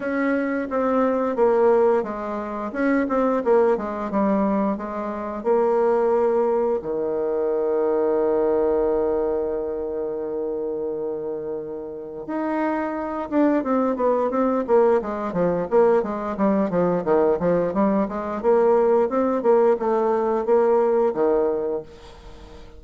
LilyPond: \new Staff \with { instrumentName = "bassoon" } { \time 4/4 \tempo 4 = 88 cis'4 c'4 ais4 gis4 | cis'8 c'8 ais8 gis8 g4 gis4 | ais2 dis2~ | dis1~ |
dis2 dis'4. d'8 | c'8 b8 c'8 ais8 gis8 f8 ais8 gis8 | g8 f8 dis8 f8 g8 gis8 ais4 | c'8 ais8 a4 ais4 dis4 | }